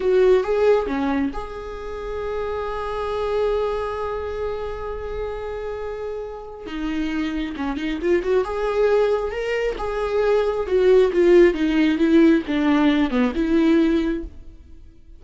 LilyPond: \new Staff \with { instrumentName = "viola" } { \time 4/4 \tempo 4 = 135 fis'4 gis'4 cis'4 gis'4~ | gis'1~ | gis'1~ | gis'2. dis'4~ |
dis'4 cis'8 dis'8 f'8 fis'8 gis'4~ | gis'4 ais'4 gis'2 | fis'4 f'4 dis'4 e'4 | d'4. b8 e'2 | }